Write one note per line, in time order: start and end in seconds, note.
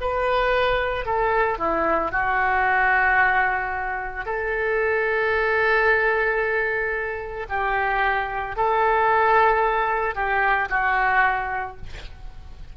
0.00 1.05 B4
1.05 1.58 A4
1.58 2.11 E4
2.11 4.25 F#4
4.25 7.47 A4
7.49 8.56 G4
8.56 10.15 A4
10.15 10.69 G4
10.69 11.76 F#4